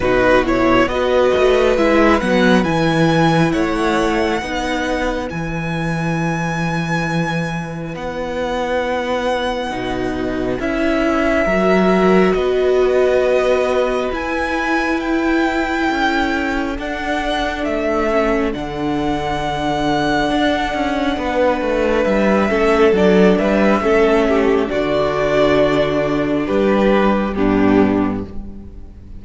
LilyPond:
<<
  \new Staff \with { instrumentName = "violin" } { \time 4/4 \tempo 4 = 68 b'8 cis''8 dis''4 e''8 fis''8 gis''4 | fis''2 gis''2~ | gis''4 fis''2. | e''2 dis''2 |
gis''4 g''2 fis''4 | e''4 fis''2.~ | fis''4 e''4 d''8 e''4. | d''2 b'4 g'4 | }
  \new Staff \with { instrumentName = "violin" } { \time 4/4 fis'4 b'2. | cis''4 b'2.~ | b'1~ | b'4 ais'4 b'2~ |
b'2 a'2~ | a'1 | b'4. a'4 b'8 a'8 g'8 | fis'2 g'4 d'4 | }
  \new Staff \with { instrumentName = "viola" } { \time 4/4 dis'8 e'8 fis'4 e'8 b8 e'4~ | e'4 dis'4 e'2~ | e'2. dis'4 | e'4 fis'2. |
e'2. d'4~ | d'8 cis'8 d'2.~ | d'4. cis'8 d'4 cis'4 | d'2. b4 | }
  \new Staff \with { instrumentName = "cello" } { \time 4/4 b,4 b8 a8 gis8 fis8 e4 | a4 b4 e2~ | e4 b2 b,4 | cis'4 fis4 b2 |
e'2 cis'4 d'4 | a4 d2 d'8 cis'8 | b8 a8 g8 a8 fis8 g8 a4 | d2 g4 g,4 | }
>>